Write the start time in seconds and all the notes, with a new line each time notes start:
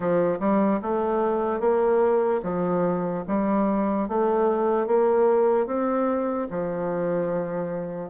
0.00 F3
0.39 G3
0.82 A3
1.60 A#3
2.43 F3
3.27 G3
4.08 A3
4.86 A#3
5.66 C4
6.50 F3